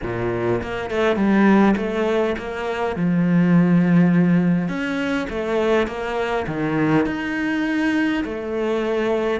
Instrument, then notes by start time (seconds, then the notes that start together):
cello
0.02 A#2
0.62 A#3
0.90 A3
1.16 G3
1.76 A3
2.38 A#3
2.95 F3
4.68 C#4
5.29 A3
5.87 A#3
6.47 D#3
7.06 D#4
8.24 A3